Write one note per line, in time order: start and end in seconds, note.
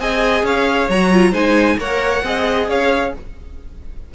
0.00 0.43 C4
0.00 0.90 G#4
0.00 0.45 D#5
0.00 0.46 G#5
0.43 0.88 C#4
0.43 1.32 C#5
0.43 0.90 F5
0.89 1.33 F#3
0.89 1.13 F#4
0.89 1.34 A#5
1.13 1.34 F4
1.32 1.78 G#3
1.32 1.79 D#4
1.32 1.76 C5
1.32 1.79 G#5
1.79 2.23 A#3
1.79 2.25 A#4
1.79 2.25 C#5
1.79 2.69 F#5
2.23 2.68 C4
2.23 3.15 G#4
2.23 2.70 D#5
2.68 3.13 C#4
2.68 3.14 C#5
2.68 3.14 F5